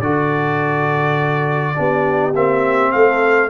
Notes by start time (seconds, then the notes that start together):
0.00 D3 F#4 A4 D5
1.75 B3 D4 G4
2.34 A#3 C4 E5
2.91 A3 A4 F5